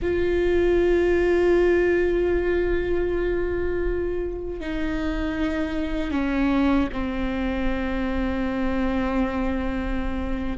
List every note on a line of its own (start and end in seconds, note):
0.02 4.60 F4
4.60 6.11 D#4
6.11 6.88 C#4
6.92 10.57 C4